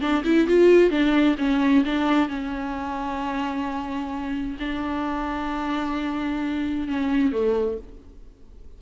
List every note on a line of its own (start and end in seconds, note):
0.00 0.23 D4
0.24 0.47 E4
0.47 0.90 F4
0.90 1.36 D4
1.38 1.84 C#4
1.84 2.28 D4
2.28 4.57 C#4
4.59 6.87 D4
6.87 7.32 C#4
7.32 7.77 A3